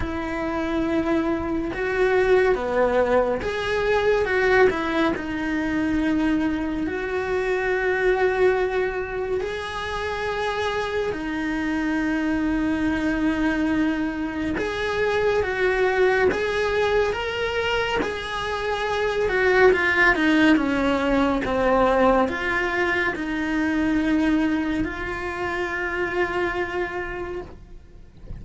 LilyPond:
\new Staff \with { instrumentName = "cello" } { \time 4/4 \tempo 4 = 70 e'2 fis'4 b4 | gis'4 fis'8 e'8 dis'2 | fis'2. gis'4~ | gis'4 dis'2.~ |
dis'4 gis'4 fis'4 gis'4 | ais'4 gis'4. fis'8 f'8 dis'8 | cis'4 c'4 f'4 dis'4~ | dis'4 f'2. | }